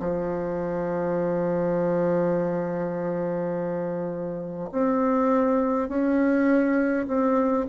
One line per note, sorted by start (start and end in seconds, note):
0.00 4.71 F3
4.73 5.89 C4
5.89 7.07 C#4
7.08 7.67 C4